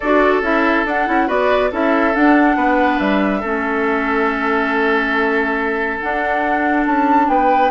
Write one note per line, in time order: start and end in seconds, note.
0.00 0.41 D4
0.00 0.42 F#4
0.00 1.27 A4
0.00 0.42 D5
0.41 0.84 C#4
0.41 0.85 E4
0.41 0.86 E5
0.84 1.06 D4
0.84 1.07 D4
0.84 1.29 F#5
1.07 1.28 C#4
1.07 1.27 E4
1.27 1.71 B3
1.27 1.70 F#4
1.27 1.70 B4
1.27 1.72 D5
1.70 2.15 C#4
1.70 2.13 E4
1.70 2.56 A4
1.70 2.15 E5
2.14 3.42 D4
2.14 2.55 D4
2.14 2.99 F#5
2.55 2.98 B3
2.55 3.40 B4
2.99 3.42 G3
2.99 5.99 E5
3.40 6.01 A3
3.40 5.99 C#4
3.40 7.26 A4
5.99 7.70 D4
5.99 6.86 D4
5.99 6.85 F#5
6.86 7.28 C#4
6.86 7.28 A5
7.28 7.70 B3
7.28 7.70 B4
7.28 7.70 G5